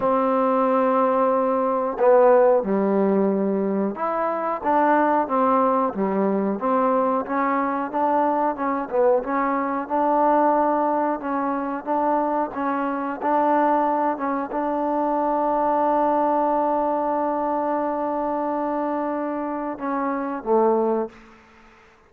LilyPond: \new Staff \with { instrumentName = "trombone" } { \time 4/4 \tempo 4 = 91 c'2. b4 | g2 e'4 d'4 | c'4 g4 c'4 cis'4 | d'4 cis'8 b8 cis'4 d'4~ |
d'4 cis'4 d'4 cis'4 | d'4. cis'8 d'2~ | d'1~ | d'2 cis'4 a4 | }